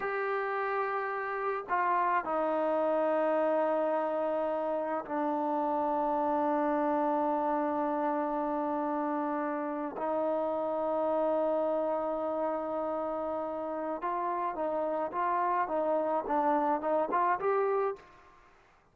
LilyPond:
\new Staff \with { instrumentName = "trombone" } { \time 4/4 \tempo 4 = 107 g'2. f'4 | dis'1~ | dis'4 d'2.~ | d'1~ |
d'4.~ d'16 dis'2~ dis'16~ | dis'1~ | dis'4 f'4 dis'4 f'4 | dis'4 d'4 dis'8 f'8 g'4 | }